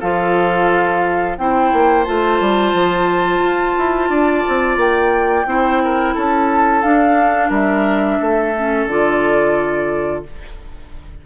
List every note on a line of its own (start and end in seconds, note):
0.00 1.38 F3
0.00 1.38 F4
0.00 1.36 A4
0.00 1.37 F5
1.37 1.72 C4
1.37 2.05 E4
1.37 4.10 C5
1.37 2.04 G5
1.73 2.07 A#3
2.04 2.40 A3
2.04 5.46 F4
2.04 4.77 A5
2.40 2.73 G3
2.73 3.39 F3
3.39 3.73 F4
3.78 4.09 E4
4.09 4.43 D4
4.09 5.46 D5
4.48 4.77 C4
4.77 5.45 A#3
4.77 6.16 G5
5.46 6.14 C4
5.46 6.83 E4
5.46 5.82 C5
5.84 6.14 A#4
6.14 6.83 C#4
6.14 7.49 A4
6.14 6.82 A5
6.82 7.50 D4
6.82 8.54 D4
6.82 7.50 F5
7.49 8.18 G3
7.49 8.17 A#4
7.49 8.87 E5
8.20 8.87 A3
8.20 10.25 A4
8.56 8.89 C#4
8.87 10.23 D3
8.87 10.26 F4
8.87 10.23 D5